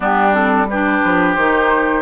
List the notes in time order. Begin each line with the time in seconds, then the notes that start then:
0.00 G3 B3 D4 G4
0.33 C4 A4
0.69 D4 G4 B4
1.04 F3
1.34 D#3 D#4 C5